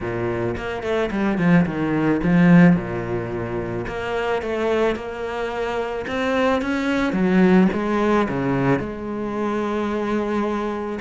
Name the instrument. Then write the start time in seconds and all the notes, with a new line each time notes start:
cello
0.01 A#2
0.57 A#3
0.82 A3
1.11 G3
1.38 F3
1.66 D#3
2.23 F3
2.75 A#2
3.87 A#3
4.42 A3
4.95 A#3
6.07 C4
6.61 C#4
7.13 F#3
7.73 G#3
8.28 C#3
8.79 G#3